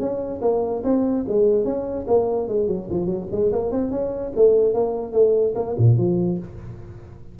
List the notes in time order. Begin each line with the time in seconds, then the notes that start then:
0.00 C#4
0.42 A#3
0.84 C4
1.28 G#3
1.65 C#4
2.08 A#3
2.48 G#3
2.68 F#3
2.91 F3
3.06 F#3
3.32 G#3
3.53 A#3
3.72 C4
3.91 C#4
4.36 A3
4.74 A#3
5.13 A3
5.55 A#3
5.78 A#2
5.98 F3